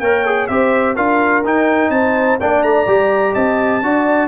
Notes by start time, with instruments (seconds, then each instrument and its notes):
0.00 tuba A#3, trombone A#4, horn C#5, trumpet G5
0.25 trombone G#4
0.47 tuba C4, trombone G4, horn C5, trumpet E5
0.96 tuba D4, trombone F4, horn A#4, trumpet F5
1.44 tuba D#4, trombone D#4, trumpet G5
1.90 tuba C4, horn C5, trumpet A5
2.40 tuba A#3, trombone D4, horn D5, trumpet G5
2.63 tuba A3, trumpet A#5
2.87 tuba G3, trombone G4
3.33 tuba C4, horn D#5, trumpet A5
3.82 tuba D4, trombone F#4, horn D5